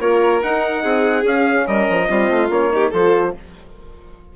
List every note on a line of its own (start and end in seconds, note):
0.00 0.42 A#3
0.00 0.41 F4
0.00 0.82 A#4
0.00 0.43 C#5
0.41 1.25 D#4
0.41 0.84 D#4
0.41 1.26 F#5
0.82 1.24 C4
0.82 1.66 G#4
1.24 1.66 C#4
1.24 2.07 C#4
1.24 1.68 F5
1.67 1.88 G3
1.67 2.09 A#4
1.67 2.51 D#5
1.90 2.10 F3
2.07 2.30 G3
2.07 2.49 C4
2.07 2.72 F4
2.30 2.50 A3
2.50 2.91 A#3
2.50 2.71 C#4
2.50 2.94 C#5
2.71 2.92 D#4
2.71 2.91 G4
2.91 3.35 F3
2.91 3.35 F4
2.91 3.33 A4
2.91 3.36 C5